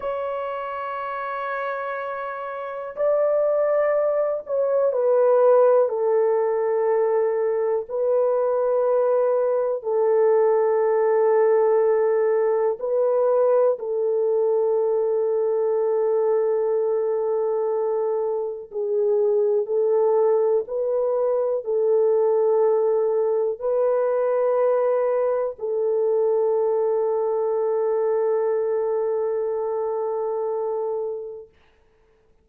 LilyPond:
\new Staff \with { instrumentName = "horn" } { \time 4/4 \tempo 4 = 61 cis''2. d''4~ | d''8 cis''8 b'4 a'2 | b'2 a'2~ | a'4 b'4 a'2~ |
a'2. gis'4 | a'4 b'4 a'2 | b'2 a'2~ | a'1 | }